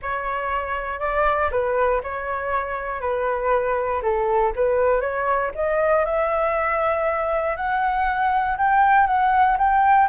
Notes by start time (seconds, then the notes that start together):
0.01 C#5
0.99 D5
1.51 B4
2.03 C#5
3.00 B4
4.02 A4
4.55 B4
5.01 C#5
5.55 D#5
6.05 E5
7.56 F#5
8.57 G5
9.06 F#5
9.58 G5